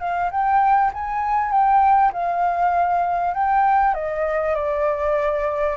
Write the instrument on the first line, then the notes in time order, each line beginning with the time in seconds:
flute
0.00 F5
0.31 G5
0.94 G#5
1.52 G5
2.13 F5
3.34 G5
3.94 D#5
4.55 D5